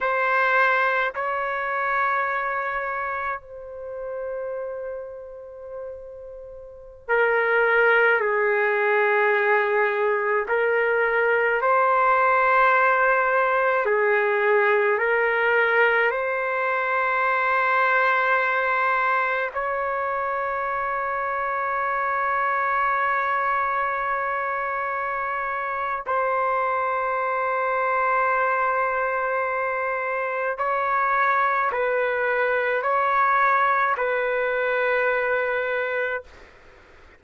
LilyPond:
\new Staff \with { instrumentName = "trumpet" } { \time 4/4 \tempo 4 = 53 c''4 cis''2 c''4~ | c''2~ c''16 ais'4 gis'8.~ | gis'4~ gis'16 ais'4 c''4.~ c''16~ | c''16 gis'4 ais'4 c''4.~ c''16~ |
c''4~ c''16 cis''2~ cis''8.~ | cis''2. c''4~ | c''2. cis''4 | b'4 cis''4 b'2 | }